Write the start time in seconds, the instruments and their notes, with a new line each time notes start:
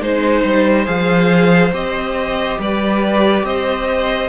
0.00 cello G#3, viola D#4, violin C5
0.43 cello G3
0.85 cello F3, viola G#4, violin F5
1.71 cello C4, viola G4, violin D#5
2.59 cello G3, violin B4 D5
3.43 cello C4, violin C5 D#5